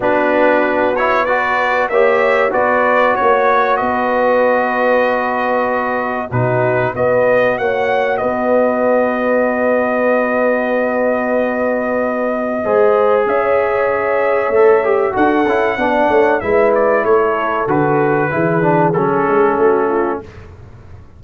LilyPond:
<<
  \new Staff \with { instrumentName = "trumpet" } { \time 4/4 \tempo 4 = 95 b'4. cis''8 d''4 e''4 | d''4 cis''4 dis''2~ | dis''2 b'4 dis''4 | fis''4 dis''2.~ |
dis''1~ | dis''4 e''2. | fis''2 e''8 d''8 cis''4 | b'2 a'2 | }
  \new Staff \with { instrumentName = "horn" } { \time 4/4 fis'2 b'4 cis''4 | b'4 cis''4 b'2~ | b'2 fis'4 b'4 | cis''4 b'2.~ |
b'1 | c''4 cis''2. | a'4 d''8 cis''8 b'4 a'4~ | a'4 gis'2 fis'8 f'8 | }
  \new Staff \with { instrumentName = "trombone" } { \time 4/4 d'4. e'8 fis'4 g'4 | fis'1~ | fis'2 dis'4 fis'4~ | fis'1~ |
fis'1 | gis'2. a'8 g'8 | fis'8 e'8 d'4 e'2 | fis'4 e'8 d'8 cis'2 | }
  \new Staff \with { instrumentName = "tuba" } { \time 4/4 b2. ais4 | b4 ais4 b2~ | b2 b,4 b4 | ais4 b2.~ |
b1 | gis4 cis'2 a4 | d'8 cis'8 b8 a8 gis4 a4 | d4 e4 fis8 gis8 a4 | }
>>